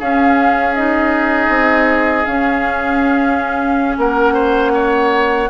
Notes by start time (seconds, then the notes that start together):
0.00 C#4 G#4 F5
0.75 D#4 D#5
1.49 C4
2.25 C#4 F5
3.98 A#3 A#4 F#5
4.34 C5
4.75 C#5